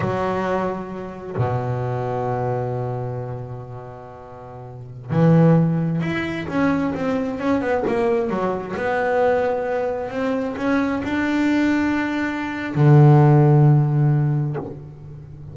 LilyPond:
\new Staff \with { instrumentName = "double bass" } { \time 4/4 \tempo 4 = 132 fis2. b,4~ | b,1~ | b,2.~ b,16 e8.~ | e4~ e16 e'4 cis'4 c'8.~ |
c'16 cis'8 b8 ais4 fis4 b8.~ | b2~ b16 c'4 cis'8.~ | cis'16 d'2.~ d'8. | d1 | }